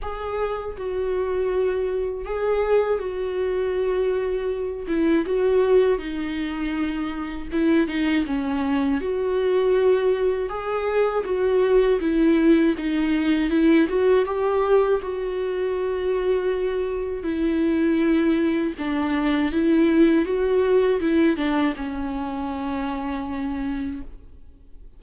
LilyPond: \new Staff \with { instrumentName = "viola" } { \time 4/4 \tempo 4 = 80 gis'4 fis'2 gis'4 | fis'2~ fis'8 e'8 fis'4 | dis'2 e'8 dis'8 cis'4 | fis'2 gis'4 fis'4 |
e'4 dis'4 e'8 fis'8 g'4 | fis'2. e'4~ | e'4 d'4 e'4 fis'4 | e'8 d'8 cis'2. | }